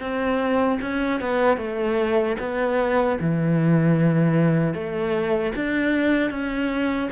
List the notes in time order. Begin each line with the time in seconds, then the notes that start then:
0.00 C4
0.81 C#4
1.21 B3
1.57 A3
2.40 B3
3.20 E3
4.74 A3
5.56 D4
6.30 C#4